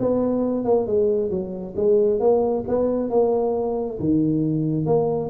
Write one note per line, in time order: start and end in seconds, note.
0.00 0.65 B3
0.65 0.87 A#3
0.87 1.31 G#3
1.31 1.75 F#3
1.76 2.20 G#3
2.20 2.64 A#3
2.68 3.10 B3
3.10 3.99 A#3
4.00 4.86 D#3
4.86 5.30 A#3